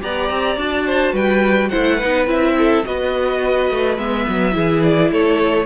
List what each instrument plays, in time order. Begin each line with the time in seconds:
0.00 cello B3, viola G4, violin D5 A#5
0.30 cello C4
0.57 cello D4, viola F#4, violin A5
0.87 violin C5
1.13 cello G3, violin B4 G5
1.70 cello A3, viola E4, violin C5 F#5
1.96 viola D#4, violin B4
2.03 cello B3
2.27 cello C4, viola E4, violin E5
2.58 violin A4
2.85 cello B3, viola F#4, violin B4 D#5
3.71 cello A3
3.98 cello G#3, viola B3, violin E5
4.29 cello F#3
4.52 cello E3, viola E4, violin G#4
4.83 violin D5
5.11 cello A3, violin A4 C#5